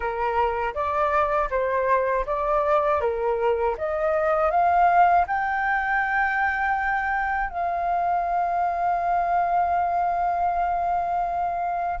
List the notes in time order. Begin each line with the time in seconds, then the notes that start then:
0.00 A#4
0.74 D5
1.50 C5
2.25 D5
3.00 A#4
3.77 D#5
4.50 F5
5.27 G5
7.50 F5